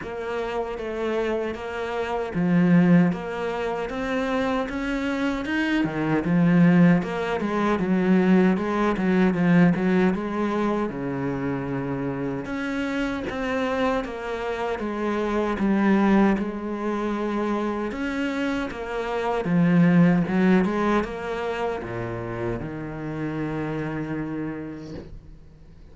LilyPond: \new Staff \with { instrumentName = "cello" } { \time 4/4 \tempo 4 = 77 ais4 a4 ais4 f4 | ais4 c'4 cis'4 dis'8 dis8 | f4 ais8 gis8 fis4 gis8 fis8 | f8 fis8 gis4 cis2 |
cis'4 c'4 ais4 gis4 | g4 gis2 cis'4 | ais4 f4 fis8 gis8 ais4 | ais,4 dis2. | }